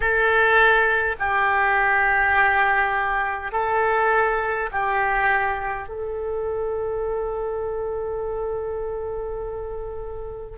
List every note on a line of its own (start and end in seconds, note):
0.00 1.16 A4
1.19 3.52 G4
3.52 4.70 A4
4.71 5.88 G4
5.88 10.58 A4